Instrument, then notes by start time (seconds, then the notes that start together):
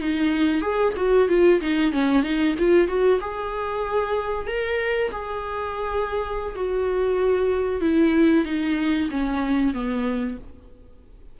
viola
0.00 D#4
0.61 G#4
0.96 F#4
1.29 F4
1.61 D#4
1.92 C#4
2.23 D#4
2.58 F4
2.88 F#4
3.21 G#4
4.47 A#4
5.11 G#4
6.55 F#4
7.81 E4
8.45 D#4
9.10 C#4
9.74 B3